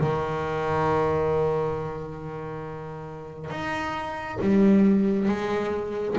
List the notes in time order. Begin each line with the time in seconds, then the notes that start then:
0.00 D#3
3.50 D#4
4.41 G3
5.28 G#3